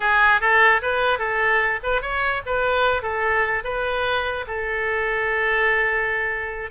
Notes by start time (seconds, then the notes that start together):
0.00 G#4
0.40 A4
0.81 B4
1.18 A4
1.83 B4
2.01 C#5
2.46 B4
3.02 A4
3.64 B4
4.47 A4